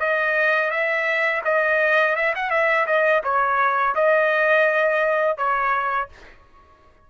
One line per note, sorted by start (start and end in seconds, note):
0.00 0.70 D#5
0.70 1.42 E5
1.44 2.16 D#5
2.16 2.34 E5
2.35 2.50 F#5
2.50 2.86 E5
2.87 3.22 D#5
3.24 3.95 C#5
3.95 5.38 D#5
5.38 6.09 C#5